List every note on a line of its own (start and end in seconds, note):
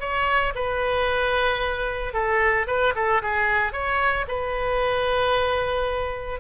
0.00 0.53 C#5
0.55 2.13 B4
2.13 2.66 A4
2.67 2.93 B4
2.95 3.22 A4
3.22 3.72 G#4
3.72 4.26 C#5
4.28 6.40 B4